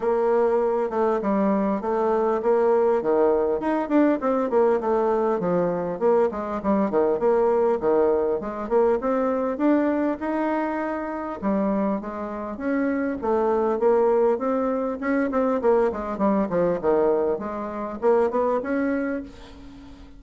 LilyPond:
\new Staff \with { instrumentName = "bassoon" } { \time 4/4 \tempo 4 = 100 ais4. a8 g4 a4 | ais4 dis4 dis'8 d'8 c'8 ais8 | a4 f4 ais8 gis8 g8 dis8 | ais4 dis4 gis8 ais8 c'4 |
d'4 dis'2 g4 | gis4 cis'4 a4 ais4 | c'4 cis'8 c'8 ais8 gis8 g8 f8 | dis4 gis4 ais8 b8 cis'4 | }